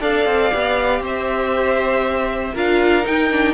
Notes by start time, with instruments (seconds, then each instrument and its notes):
0.00 cello D4, viola A4, violin D5 F5
0.26 cello C4
0.51 cello B3, viola G4
1.00 cello C4, violin C5 E5
2.54 cello D4, viola F4, violin A#4 F5
3.03 viola D#4, cello D#4, violin G5
3.31 viola D4